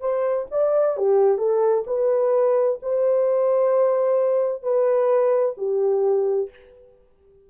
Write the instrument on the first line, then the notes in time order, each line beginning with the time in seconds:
horn
0.00 C5
0.51 D5
0.97 G4
1.38 A4
1.86 B4
2.82 C5
4.62 B4
5.57 G4